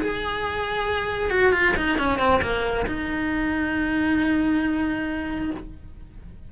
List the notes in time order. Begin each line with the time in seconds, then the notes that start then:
0.00 G#4
1.30 F#4
1.52 F4
1.76 D#4
1.98 C#4
2.18 C4
2.42 A#3
2.86 D#4